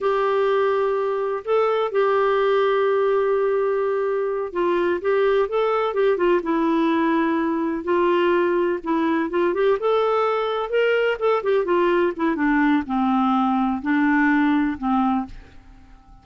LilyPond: \new Staff \with { instrumentName = "clarinet" } { \time 4/4 \tempo 4 = 126 g'2. a'4 | g'1~ | g'4. f'4 g'4 a'8~ | a'8 g'8 f'8 e'2~ e'8~ |
e'8 f'2 e'4 f'8 | g'8 a'2 ais'4 a'8 | g'8 f'4 e'8 d'4 c'4~ | c'4 d'2 c'4 | }